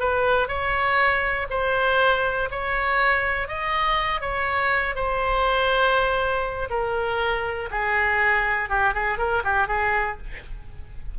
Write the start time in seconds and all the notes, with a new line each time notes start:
0.00 B4
0.48 C#5
1.50 C5
2.51 C#5
3.48 D#5
4.21 C#5
4.96 C5
6.70 A#4
7.71 G#4
8.69 G4
8.94 G#4
9.18 A#4
9.44 G4
9.68 G#4